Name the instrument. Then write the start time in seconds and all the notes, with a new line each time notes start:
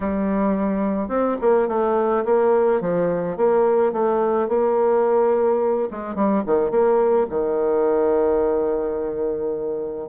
bassoon
0.00 G3
1.08 C4
1.41 A#3
1.68 A3
2.24 A#3
2.80 F3
3.36 A#3
3.92 A3
4.48 A#3
5.90 G#3
6.15 G3
6.46 D#3
6.70 A#3
7.29 D#3